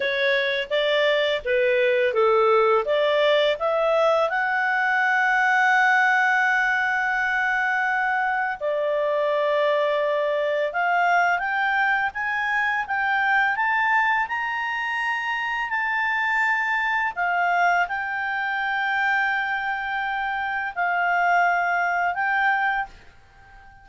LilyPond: \new Staff \with { instrumentName = "clarinet" } { \time 4/4 \tempo 4 = 84 cis''4 d''4 b'4 a'4 | d''4 e''4 fis''2~ | fis''1 | d''2. f''4 |
g''4 gis''4 g''4 a''4 | ais''2 a''2 | f''4 g''2.~ | g''4 f''2 g''4 | }